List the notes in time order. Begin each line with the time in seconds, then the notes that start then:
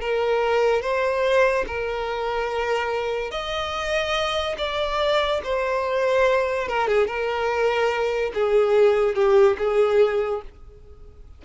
0.00 A#4
0.81 C5
1.67 A#4
3.31 D#5
4.58 D5
5.43 C5
6.68 A#4
6.87 G#4
7.06 A#4
8.34 G#4
9.14 G4
9.58 G#4